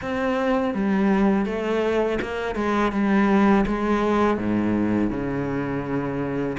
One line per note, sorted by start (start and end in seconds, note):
0.01 0.74 C4
0.74 1.45 G3
1.45 2.18 A3
2.21 2.55 A#3
2.55 2.91 G#3
2.92 3.65 G3
3.66 4.37 G#3
4.37 5.10 G#2
5.10 6.56 C#3